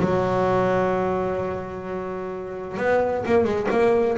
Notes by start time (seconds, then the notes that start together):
0.00 F#3
2.77 B3
3.26 A#3
3.44 G#3
3.71 A#3